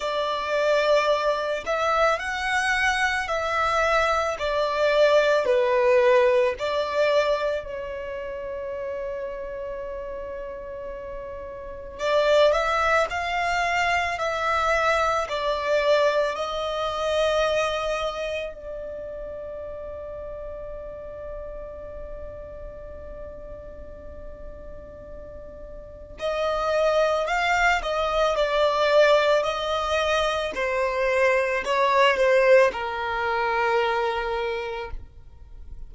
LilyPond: \new Staff \with { instrumentName = "violin" } { \time 4/4 \tempo 4 = 55 d''4. e''8 fis''4 e''4 | d''4 b'4 d''4 cis''4~ | cis''2. d''8 e''8 | f''4 e''4 d''4 dis''4~ |
dis''4 d''2.~ | d''1 | dis''4 f''8 dis''8 d''4 dis''4 | c''4 cis''8 c''8 ais'2 | }